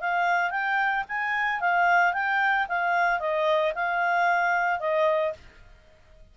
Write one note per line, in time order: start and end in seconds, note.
0.00 0.50 F5
0.50 1.04 G5
1.08 1.60 G#5
1.60 2.13 F5
2.13 2.66 G5
2.68 3.19 F5
3.19 3.73 D#5
3.74 4.79 F5
4.79 5.33 D#5